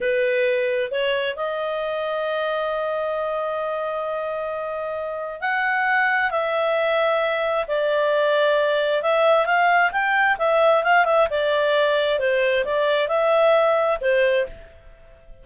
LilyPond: \new Staff \with { instrumentName = "clarinet" } { \time 4/4 \tempo 4 = 133 b'2 cis''4 dis''4~ | dis''1~ | dis''1 | fis''2 e''2~ |
e''4 d''2. | e''4 f''4 g''4 e''4 | f''8 e''8 d''2 c''4 | d''4 e''2 c''4 | }